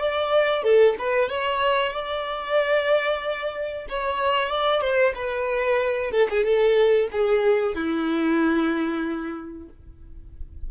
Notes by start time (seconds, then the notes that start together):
0.00 D5
0.64 A4
0.99 B4
1.30 C#5
1.93 D5
3.89 C#5
4.49 D5
4.81 C5
5.15 B4
6.12 A4
6.30 G#4
6.45 A4
7.12 G#4
7.75 E4